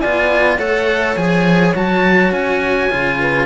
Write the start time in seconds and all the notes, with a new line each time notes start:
0.00 B3 F4 D5 G#5
0.58 A3 A4 C#5 F#5
1.16 F3 G#4 G#5
1.75 F#3 F#4 A5
2.31 C#4 G#5
2.90 C#3 F4
3.20 B4